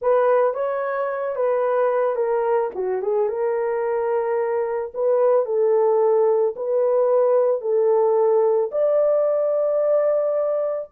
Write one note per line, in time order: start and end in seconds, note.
0.01 0.54 B4
0.54 1.35 C#5
1.35 2.15 B4
2.15 2.70 A#4
2.74 3.01 F#4
3.01 3.28 G#4
3.28 4.92 A#4
4.94 5.45 B4
5.45 6.54 A4
6.56 7.61 B4
7.61 8.70 A4
8.71 10.89 D5